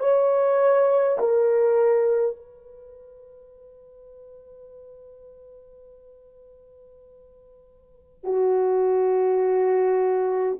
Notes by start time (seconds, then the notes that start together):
0.00 C#5
1.19 A#4
2.36 B4
8.24 F#4